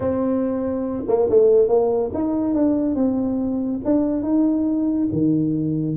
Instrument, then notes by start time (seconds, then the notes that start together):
tuba
0.00 C4
1.08 A#3
1.29 A3
1.68 A#3
2.14 D#4
2.54 D4
2.95 C4
3.85 D4
4.22 D#4
5.12 D#3